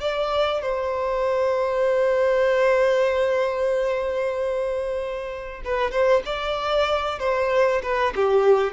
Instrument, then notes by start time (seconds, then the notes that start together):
violin
0.00 D5
0.62 C5
5.64 B4
5.91 C5
6.25 D5
7.19 C5
7.83 B4
8.15 G4